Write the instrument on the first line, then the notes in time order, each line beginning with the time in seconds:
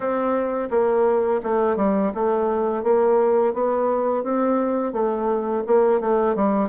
bassoon
0.00 C4
0.70 A#3
1.43 A3
1.76 G3
2.14 A3
2.83 A#3
3.53 B3
4.23 C4
4.92 A3
5.66 A#3
6.00 A3
6.35 G3